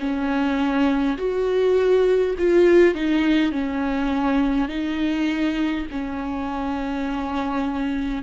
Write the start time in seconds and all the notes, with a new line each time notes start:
0.00 C#4
1.18 F#4
2.39 F4
2.95 D#4
3.52 C#4
4.69 D#4
5.91 C#4